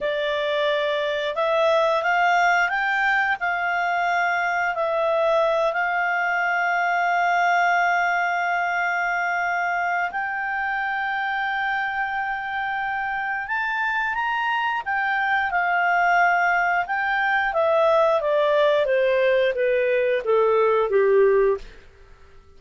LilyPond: \new Staff \with { instrumentName = "clarinet" } { \time 4/4 \tempo 4 = 89 d''2 e''4 f''4 | g''4 f''2 e''4~ | e''8 f''2.~ f''8~ | f''2. g''4~ |
g''1 | a''4 ais''4 g''4 f''4~ | f''4 g''4 e''4 d''4 | c''4 b'4 a'4 g'4 | }